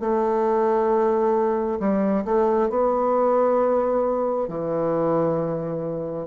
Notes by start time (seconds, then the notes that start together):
0.00 A3
1.80 G3
2.25 A3
2.70 B3
4.48 E3